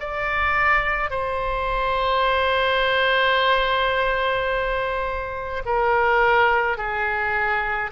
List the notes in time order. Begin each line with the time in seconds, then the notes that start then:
0.00 D5
1.11 C5
5.66 A#4
6.78 G#4